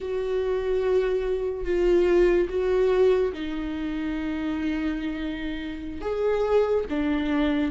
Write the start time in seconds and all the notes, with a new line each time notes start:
0.00 F#4
1.64 F4
2.48 F#4
3.33 D#4
6.01 G#4
6.89 D4